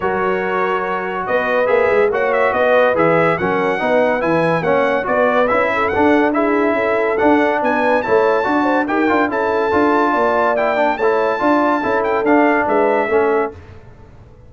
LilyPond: <<
  \new Staff \with { instrumentName = "trumpet" } { \time 4/4 \tempo 4 = 142 cis''2. dis''4 | e''4 fis''8 e''8 dis''4 e''4 | fis''2 gis''4 fis''4 | d''4 e''4 fis''4 e''4~ |
e''4 fis''4 gis''4 a''4~ | a''4 g''4 a''2~ | a''4 g''4 a''2~ | a''8 g''8 f''4 e''2 | }
  \new Staff \with { instrumentName = "horn" } { \time 4/4 ais'2. b'4~ | b'4 cis''4 b'2 | ais'4 b'2 cis''4 | b'4. a'4. gis'4 |
a'2 b'4 cis''4 | d''8 c''8 ais'4 a'2 | d''2 cis''4 d''4 | a'2 b'4 a'4 | }
  \new Staff \with { instrumentName = "trombone" } { \time 4/4 fis'1 | gis'4 fis'2 gis'4 | cis'4 dis'4 e'4 cis'4 | fis'4 e'4 d'4 e'4~ |
e'4 d'2 e'4 | fis'4 g'8 f'8 e'4 f'4~ | f'4 e'8 d'8 e'4 f'4 | e'4 d'2 cis'4 | }
  \new Staff \with { instrumentName = "tuba" } { \time 4/4 fis2. b4 | ais8 gis8 ais4 b4 e4 | fis4 b4 e4 ais4 | b4 cis'4 d'2 |
cis'4 d'4 b4 a4 | d'4 dis'8 d'8 cis'4 d'4 | ais2 a4 d'4 | cis'4 d'4 gis4 a4 | }
>>